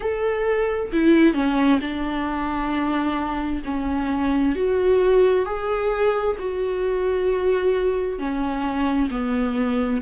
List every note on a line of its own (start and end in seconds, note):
0.00 0.91 A4
0.92 1.34 E4
1.34 1.79 C#4
1.80 3.62 D4
3.64 4.55 C#4
4.55 5.45 F#4
5.45 6.36 G#4
6.39 8.18 F#4
8.18 9.09 C#4
9.10 10.01 B3